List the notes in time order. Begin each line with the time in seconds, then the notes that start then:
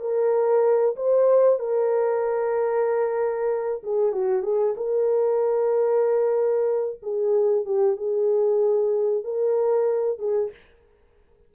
0.00 A#4
0.96 C5
1.59 A#4
3.83 G#4
4.12 F#4
4.43 G#4
4.77 A#4
7.02 G#4
7.65 G4
7.96 G#4
9.24 A#4
10.19 G#4